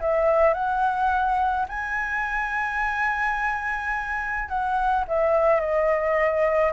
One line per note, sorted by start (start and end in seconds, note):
0.00 0.54 E5
0.54 1.66 F#5
1.68 4.49 G#5
4.49 5.05 F#5
5.08 5.60 E5
5.60 6.72 D#5